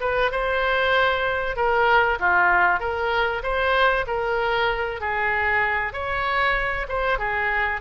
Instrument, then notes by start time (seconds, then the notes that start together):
oboe
0.00 B4
0.31 C5
1.56 A#4
2.19 F4
2.80 A#4
3.43 C5
4.07 A#4
5.00 G#4
5.93 C#5
6.88 C5
7.19 G#4